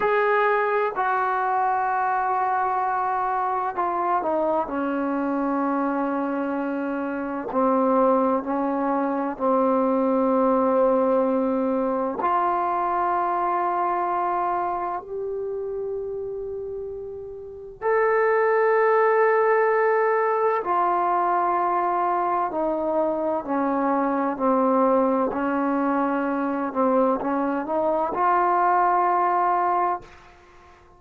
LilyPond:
\new Staff \with { instrumentName = "trombone" } { \time 4/4 \tempo 4 = 64 gis'4 fis'2. | f'8 dis'8 cis'2. | c'4 cis'4 c'2~ | c'4 f'2. |
g'2. a'4~ | a'2 f'2 | dis'4 cis'4 c'4 cis'4~ | cis'8 c'8 cis'8 dis'8 f'2 | }